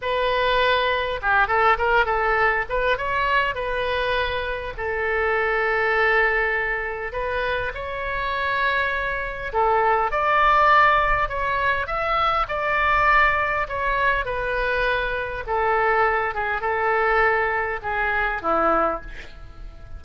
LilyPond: \new Staff \with { instrumentName = "oboe" } { \time 4/4 \tempo 4 = 101 b'2 g'8 a'8 ais'8 a'8~ | a'8 b'8 cis''4 b'2 | a'1 | b'4 cis''2. |
a'4 d''2 cis''4 | e''4 d''2 cis''4 | b'2 a'4. gis'8 | a'2 gis'4 e'4 | }